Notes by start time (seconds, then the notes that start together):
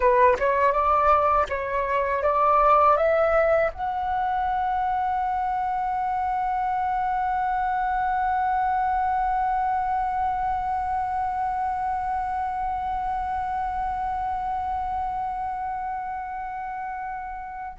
0.00 B4
0.39 C#5
0.72 D5
1.49 C#5
2.22 D5
2.96 E5
3.72 F#5